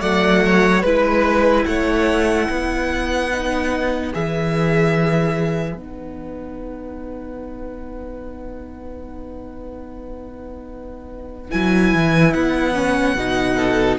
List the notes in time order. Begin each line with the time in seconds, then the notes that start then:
0.00 F#3 A3 D5 F#5
0.45 C#5
0.81 G#3 E4 B4
1.66 A3 C#5 F#5
2.47 B3 B4
3.31 D#4
4.13 E3 G#4 E5
5.74 B3 D#4 F#5
11.51 F#3 E4 G#5
11.94 E3
12.33 B3 F#5
12.74 C#4
13.16 B2 D#4
13.56 A4